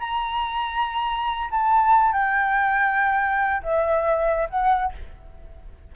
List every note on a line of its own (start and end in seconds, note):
0.00 1.50 A#5
1.51 2.13 A5
2.13 3.63 G5
3.63 4.49 E5
4.50 4.93 F#5